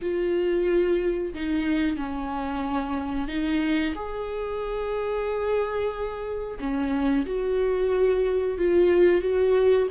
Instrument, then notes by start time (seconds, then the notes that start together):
viola
0.01 F4
1.34 D#4
1.96 C#4
3.28 D#4
3.95 G#4
6.59 C#4
7.26 F#4
8.57 F4
9.21 F#4